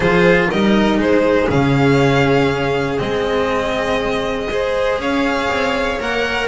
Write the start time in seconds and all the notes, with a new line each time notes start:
0.00 F3 F4 G#4 C5
0.50 G3 D#4 A#4 D#5
0.97 G#3 G#4 C5
1.49 C#3 C#4 F5
2.98 G#3 C4 D#5
4.50 G#4 C5
4.98 C#4 C#5 F5
5.49 C4
6.00 A#3 A#4 F#5